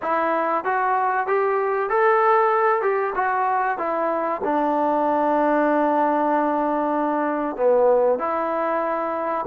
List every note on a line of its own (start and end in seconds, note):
0.01 0.64 E4
0.64 1.27 F#4
1.27 1.89 G4
1.89 2.82 A4
2.82 3.13 G4
3.15 3.78 F#4
3.78 4.41 E4
4.44 7.56 D4
7.56 8.18 B3
8.18 9.44 E4